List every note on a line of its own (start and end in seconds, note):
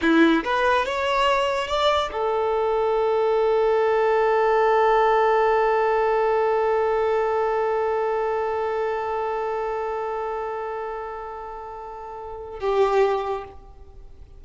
0.01 0.43 E4
0.44 0.85 B4
0.85 1.67 C#5
1.67 2.09 D5
2.12 12.60 A4
12.60 13.44 G4